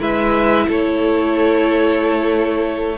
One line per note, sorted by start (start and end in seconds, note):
0.00 0.67 G#3
0.00 2.97 E4
0.00 0.67 B4
0.00 0.68 E5
0.68 2.98 A3
0.68 2.98 A4
0.68 2.98 C#5